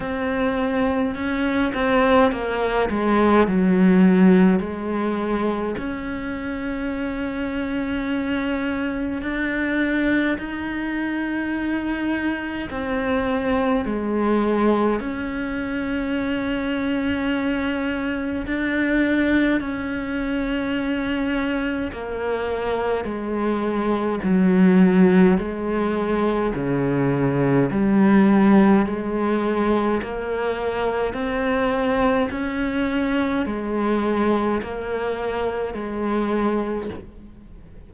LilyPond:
\new Staff \with { instrumentName = "cello" } { \time 4/4 \tempo 4 = 52 c'4 cis'8 c'8 ais8 gis8 fis4 | gis4 cis'2. | d'4 dis'2 c'4 | gis4 cis'2. |
d'4 cis'2 ais4 | gis4 fis4 gis4 cis4 | g4 gis4 ais4 c'4 | cis'4 gis4 ais4 gis4 | }